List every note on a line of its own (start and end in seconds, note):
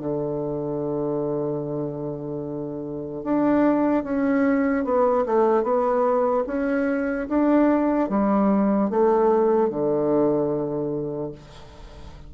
0.00 3.24 D3
3.24 4.04 D4
4.04 4.85 C#4
4.85 5.25 B3
5.26 5.64 A3
5.64 6.45 B3
6.47 7.28 C#4
7.29 8.10 D4
8.10 8.90 G3
8.90 9.70 A3
9.70 11.32 D3